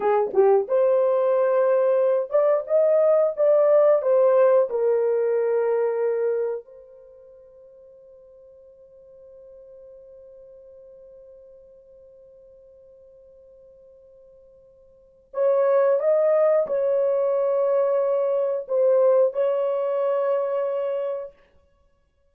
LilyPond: \new Staff \with { instrumentName = "horn" } { \time 4/4 \tempo 4 = 90 gis'8 g'8 c''2~ c''8 d''8 | dis''4 d''4 c''4 ais'4~ | ais'2 c''2~ | c''1~ |
c''1~ | c''2. cis''4 | dis''4 cis''2. | c''4 cis''2. | }